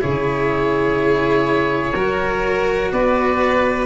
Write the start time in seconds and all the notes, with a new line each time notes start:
0.00 C#3 E4 G#4 C#5
1.94 F#3 F#4 A#4
2.92 B3 B4 D5